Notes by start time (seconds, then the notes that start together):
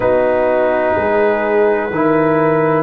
0.00 B3 D#4 F#4 B4
0.95 G#3 G#4
1.90 D#3 E4 A#4